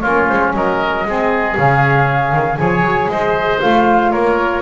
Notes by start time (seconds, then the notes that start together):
0.00 A#3 C#4 F4 C#5
0.28 G#3 C5
0.53 F#3 A#4 D#5
1.04 G#3 C4 G#4
1.56 C#3 C#4 F5
2.32 D#3
2.56 F3 G#4 C#5 G#5
2.81 F#3
3.08 G#3 C5 D#5
3.60 A3 F4 F5
4.11 A#3 A#4 C#5